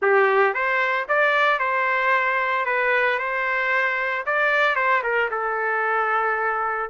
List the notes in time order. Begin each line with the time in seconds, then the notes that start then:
0.01 G4
0.53 C5
1.08 D5
1.59 C5
2.65 B4
3.18 C5
4.26 D5
4.75 C5
5.03 A#4
5.30 A4